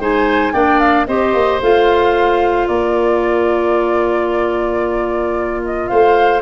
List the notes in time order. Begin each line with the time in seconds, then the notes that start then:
0.00 G#3 D#4 C5 G#5
0.54 A#3 D4 D5 G5
0.80 F5
1.07 C4 G4 C5 D#5
1.34 A#3
1.61 A3 F4 F5
2.68 A#3 A#4 D5
5.65 D#5
5.88 A3 C5 F5